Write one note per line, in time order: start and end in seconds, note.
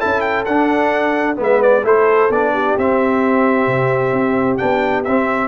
0.00 0.47 C#4
0.00 0.46 E4
0.00 1.37 A4
0.00 0.21 A5
0.21 0.44 G5
0.45 1.39 D4
0.45 1.36 D4
0.45 1.37 F#5
1.36 1.84 G#3
1.36 1.82 B3
1.36 1.85 B4
1.43 1.62 E5
1.62 1.85 D5
1.84 2.29 A3
1.84 2.30 E4
1.84 2.53 A4
1.84 2.32 C5
2.29 2.75 B3
2.29 2.79 D4
2.29 2.78 D5
2.53 5.48 G4
2.78 3.67 C4
2.78 4.59 C4
2.78 4.57 E5
3.67 4.12 C3
4.12 4.58 C4
4.57 5.07 B3
4.57 5.05 D4
4.57 5.03 G5
5.04 5.48 C4
5.04 5.48 E5